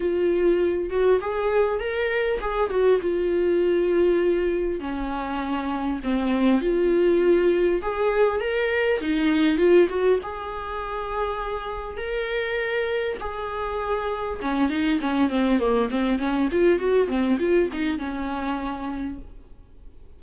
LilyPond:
\new Staff \with { instrumentName = "viola" } { \time 4/4 \tempo 4 = 100 f'4. fis'8 gis'4 ais'4 | gis'8 fis'8 f'2. | cis'2 c'4 f'4~ | f'4 gis'4 ais'4 dis'4 |
f'8 fis'8 gis'2. | ais'2 gis'2 | cis'8 dis'8 cis'8 c'8 ais8 c'8 cis'8 f'8 | fis'8 c'8 f'8 dis'8 cis'2 | }